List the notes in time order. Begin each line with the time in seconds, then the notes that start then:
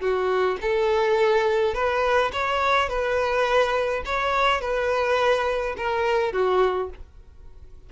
0.00 F#4
0.61 A4
1.74 B4
2.32 C#5
2.89 B4
4.05 C#5
4.61 B4
5.77 A#4
6.32 F#4